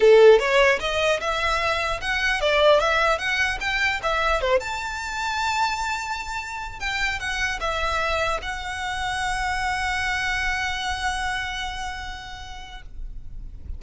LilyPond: \new Staff \with { instrumentName = "violin" } { \time 4/4 \tempo 4 = 150 a'4 cis''4 dis''4 e''4~ | e''4 fis''4 d''4 e''4 | fis''4 g''4 e''4 c''8 a''8~ | a''1~ |
a''4 g''4 fis''4 e''4~ | e''4 fis''2.~ | fis''1~ | fis''1 | }